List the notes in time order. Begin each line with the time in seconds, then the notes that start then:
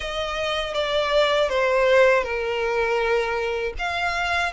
0.00 D#5
0.74 D5
1.49 C5
2.23 A#4
3.78 F5